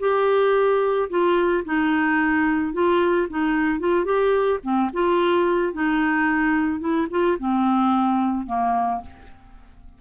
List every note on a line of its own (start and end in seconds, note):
0.00 1.09 G4
1.10 1.65 F4
1.65 2.73 D#4
2.73 3.28 F4
3.30 3.80 D#4
3.80 4.05 F4
4.05 4.60 G4
4.63 4.91 C4
4.94 5.73 F4
5.73 6.80 D#4
6.80 7.08 E4
7.11 7.38 F4
7.39 8.47 C4
8.47 9.01 A#3